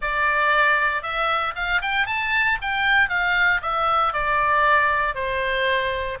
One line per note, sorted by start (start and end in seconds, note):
0.01 1.02 D5
1.02 1.54 E5
1.55 1.81 F5
1.81 2.06 G5
2.06 2.58 A5
2.61 3.09 G5
3.09 3.61 F5
3.62 4.13 E5
4.13 5.14 D5
5.14 6.18 C5